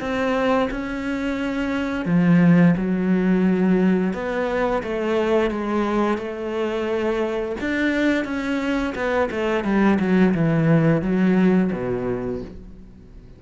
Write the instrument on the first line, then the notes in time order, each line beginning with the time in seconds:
cello
0.00 C4
0.70 C#4
2.05 F3
2.77 F#3
4.13 B3
4.83 A3
5.50 G#3
6.18 A3
7.61 D4
8.24 C#4
8.95 B3
9.31 A3
9.64 G3
9.99 F#3
10.34 E3
11.02 F#3
11.72 B2